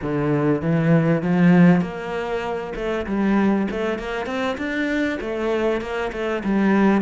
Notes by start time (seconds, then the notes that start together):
0.02 D3
0.61 E3
1.22 F3
1.81 A#3
2.75 A3
3.06 G3
3.70 A3
3.99 A#3
4.26 C4
4.57 D4
5.20 A3
5.81 A#3
6.12 A3
6.44 G3